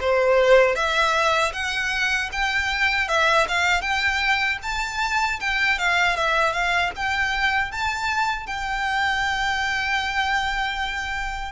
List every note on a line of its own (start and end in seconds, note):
0.00 0.75 C5
0.75 1.52 E5
1.53 2.30 F#5
2.32 3.08 G5
3.08 3.47 E5
3.48 3.81 F5
3.81 4.58 G5
4.63 5.40 A5
5.40 5.78 G5
5.78 6.16 F5
6.16 6.52 E5
6.52 6.91 F5
6.95 7.71 G5
7.71 8.46 A5
8.46 11.52 G5